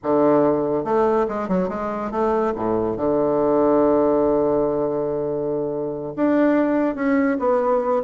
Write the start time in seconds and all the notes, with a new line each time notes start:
0.03 D3
0.84 A3
1.28 G#3
1.48 F#3
1.68 G#3
2.11 A3
2.55 A2
2.96 D3
6.16 D4
6.95 C#4
7.39 B3